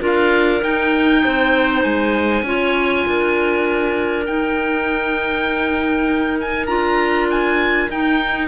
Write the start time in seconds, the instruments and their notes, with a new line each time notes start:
0.00 cello D4, clarinet F4 A#4, oboe F5
0.62 clarinet D#4, cello D#4, oboe G5
1.24 cello C4, clarinet C5
1.83 cello G#3, oboe G#5
2.42 cello C#4, clarinet F4 C#5
3.05 cello D4, clarinet A#4
4.25 clarinet D#4, cello D#4, oboe G5
6.40 oboe G#5
6.66 cello D4, clarinet F4, oboe A#5
7.30 oboe G#5
7.89 cello D#4, clarinet D#4, oboe G5